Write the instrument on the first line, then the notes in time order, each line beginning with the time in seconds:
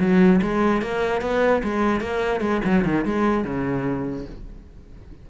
cello
0.00 F#3
0.42 G#3
0.82 A#3
1.22 B3
1.64 G#3
2.01 A#3
2.41 G#3
2.65 F#3
2.85 D#3
3.05 G#3
3.45 C#3